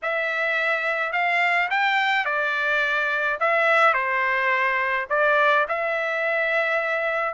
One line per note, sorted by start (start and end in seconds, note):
0.02 1.12 E5
1.12 1.69 F5
1.70 2.25 G5
2.25 3.38 D5
3.40 3.93 E5
3.93 5.06 C5
5.09 5.66 D5
5.68 7.34 E5